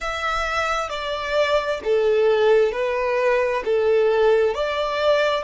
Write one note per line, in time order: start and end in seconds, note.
0.00 0.89 E5
0.89 1.80 D5
1.83 2.72 A4
2.72 3.63 B4
3.64 4.54 A4
4.54 5.43 D5